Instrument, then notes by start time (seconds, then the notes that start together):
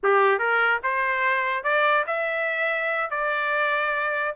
trumpet
0.03 G4
0.39 A#4
0.83 C5
1.63 D5
2.07 E5
3.10 D5